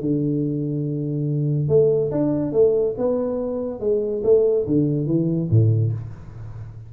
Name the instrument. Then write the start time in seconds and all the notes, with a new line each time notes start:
tuba
0.00 D3
1.68 A3
2.11 D4
2.52 A3
2.98 B3
3.80 G#3
4.23 A3
4.66 D3
5.06 E3
5.50 A2